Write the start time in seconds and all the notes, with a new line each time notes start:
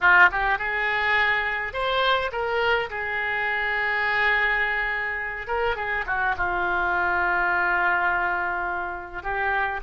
0.00 F4
0.31 G4
0.58 G#4
1.73 C5
2.32 A#4
2.90 G#4
5.47 A#4
5.76 G#4
6.06 F#4
6.37 F4
9.22 G4